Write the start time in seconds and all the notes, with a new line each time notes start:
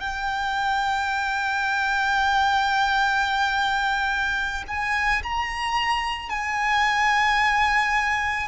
0.00 G5
4.68 G#5
5.23 A#5
6.30 G#5